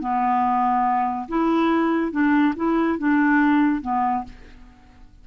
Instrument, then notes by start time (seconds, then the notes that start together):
clarinet
0.00 B3
1.28 E4
2.11 D4
2.56 E4
2.98 D4
3.82 B3